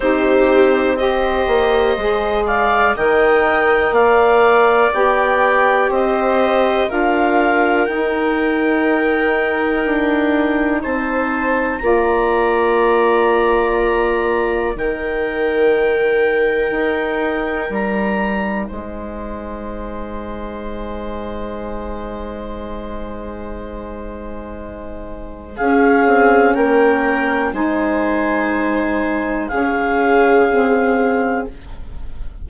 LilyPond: <<
  \new Staff \with { instrumentName = "clarinet" } { \time 4/4 \tempo 4 = 61 c''4 dis''4. f''8 g''4 | f''4 g''4 dis''4 f''4 | g''2. a''4 | ais''2. g''4~ |
g''2 ais''4 gis''4~ | gis''1~ | gis''2 f''4 g''4 | gis''2 f''2 | }
  \new Staff \with { instrumentName = "viola" } { \time 4/4 g'4 c''4. d''8 dis''4 | d''2 c''4 ais'4~ | ais'2. c''4 | d''2. ais'4~ |
ais'2. c''4~ | c''1~ | c''2 gis'4 ais'4 | c''2 gis'2 | }
  \new Staff \with { instrumentName = "saxophone" } { \time 4/4 dis'4 g'4 gis'4 ais'4~ | ais'4 g'2 f'4 | dis'1 | f'2. dis'4~ |
dis'1~ | dis'1~ | dis'2 cis'2 | dis'2 cis'4 c'4 | }
  \new Staff \with { instrumentName = "bassoon" } { \time 4/4 c'4. ais8 gis4 dis4 | ais4 b4 c'4 d'4 | dis'2 d'4 c'4 | ais2. dis4~ |
dis4 dis'4 g4 gis4~ | gis1~ | gis2 cis'8 c'8 ais4 | gis2 cis2 | }
>>